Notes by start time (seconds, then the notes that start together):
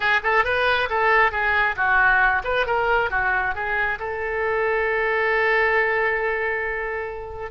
0.00 G#4
0.23 A4
0.44 B4
0.89 A4
1.31 G#4
1.76 F#4
2.44 B4
2.66 A#4
3.10 F#4
3.54 G#4
3.99 A4